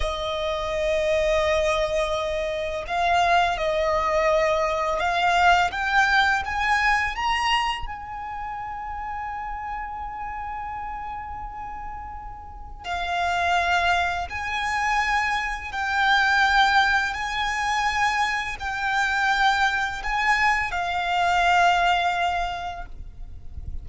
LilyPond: \new Staff \with { instrumentName = "violin" } { \time 4/4 \tempo 4 = 84 dis''1 | f''4 dis''2 f''4 | g''4 gis''4 ais''4 gis''4~ | gis''1~ |
gis''2 f''2 | gis''2 g''2 | gis''2 g''2 | gis''4 f''2. | }